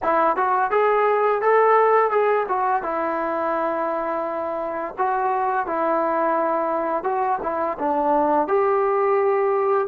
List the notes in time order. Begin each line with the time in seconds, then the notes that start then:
0.02 E4
0.36 F#4
0.71 G#4
1.41 A4
2.10 G#4
2.48 F#4
2.82 E4
4.98 F#4
5.66 E4
7.03 F#4
7.42 E4
7.78 D4
8.47 G4